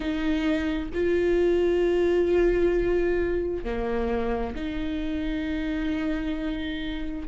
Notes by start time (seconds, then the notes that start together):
0.00 D#4
0.93 F4
3.64 A#3
4.55 D#4